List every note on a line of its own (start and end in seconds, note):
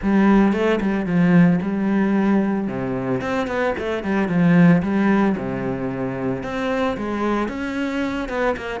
0.02 0.52 G3
0.52 0.79 A3
0.80 1.06 G3
1.06 1.59 F3
1.62 2.67 G3
2.67 3.21 C3
3.21 3.47 C4
3.47 3.74 B3
3.78 4.03 A3
4.03 4.28 G3
4.28 4.82 F3
4.82 5.36 G3
5.37 6.43 C3
6.43 6.96 C4
6.97 7.48 G#3
7.48 8.28 C#4
8.28 8.55 B3
8.56 8.80 A#3